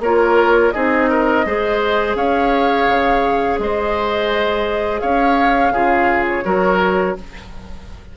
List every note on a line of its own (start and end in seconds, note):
0.00 0.71 A#3
0.00 0.74 F4
0.00 0.74 A#4
0.00 0.71 C#5
0.71 1.46 C4
0.71 1.45 D#4
0.71 1.10 G#4
0.71 2.14 D#5
1.10 1.46 A#4
1.46 2.15 G#3
1.46 5.74 G#4
1.46 2.17 C5
2.15 2.86 C#4
2.15 3.60 C#5
2.15 3.59 F5
2.87 3.58 C#3
3.58 5.01 G#3
3.58 5.01 C5
3.58 5.00 D#5
5.00 5.71 C#4
5.00 5.73 C#5
5.00 6.25 F5
5.71 6.42 C#3
5.71 6.44 F4
5.71 6.44 G#4
6.28 7.17 C#5
6.44 7.17 F#3
6.44 7.16 F#4
6.44 7.16 A#4